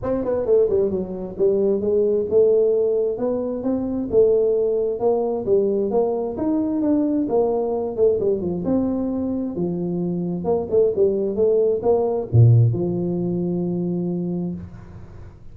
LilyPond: \new Staff \with { instrumentName = "tuba" } { \time 4/4 \tempo 4 = 132 c'8 b8 a8 g8 fis4 g4 | gis4 a2 b4 | c'4 a2 ais4 | g4 ais4 dis'4 d'4 |
ais4. a8 g8 f8 c'4~ | c'4 f2 ais8 a8 | g4 a4 ais4 ais,4 | f1 | }